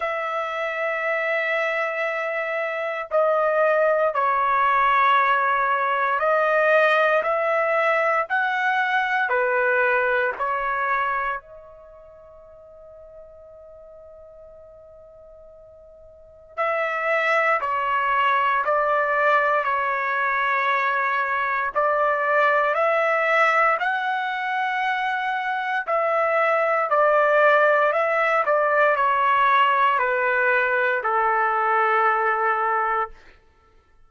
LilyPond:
\new Staff \with { instrumentName = "trumpet" } { \time 4/4 \tempo 4 = 58 e''2. dis''4 | cis''2 dis''4 e''4 | fis''4 b'4 cis''4 dis''4~ | dis''1 |
e''4 cis''4 d''4 cis''4~ | cis''4 d''4 e''4 fis''4~ | fis''4 e''4 d''4 e''8 d''8 | cis''4 b'4 a'2 | }